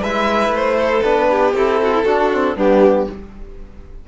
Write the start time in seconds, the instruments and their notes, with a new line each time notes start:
0.00 cello G#3, trombone E4, violin B4 E5
0.49 cello A3
0.55 violin C5
0.76 violin A4
1.03 cello B3, trombone D4, violin B4
1.30 violin G4
1.53 cello C4, trombone E4, violin A4
1.82 violin F#4
1.93 violin E4
2.04 cello D4, trombone D4, violin F#4
2.32 trombone C4
2.55 cello G3, trombone B3, violin D4 G4